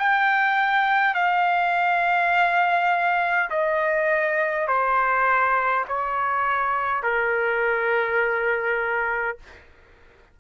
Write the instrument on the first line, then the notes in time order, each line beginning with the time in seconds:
trumpet
0.00 G5
1.15 F5
3.50 D#5
4.68 C5
5.88 C#5
7.03 A#4